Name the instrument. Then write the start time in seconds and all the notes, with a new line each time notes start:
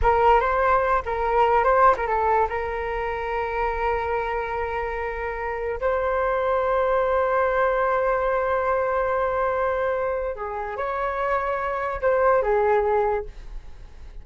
flute
0.02 A#4
0.40 C5
1.05 A#4
1.64 C5
1.97 A#4
2.06 A4
2.49 A#4
5.80 C5
10.35 G#4
10.76 C#5
12.01 C5
12.42 G#4